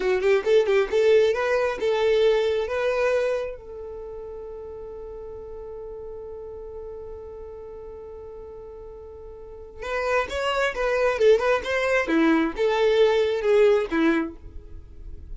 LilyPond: \new Staff \with { instrumentName = "violin" } { \time 4/4 \tempo 4 = 134 fis'8 g'8 a'8 g'8 a'4 b'4 | a'2 b'2 | a'1~ | a'1~ |
a'1~ | a'2 b'4 cis''4 | b'4 a'8 b'8 c''4 e'4 | a'2 gis'4 e'4 | }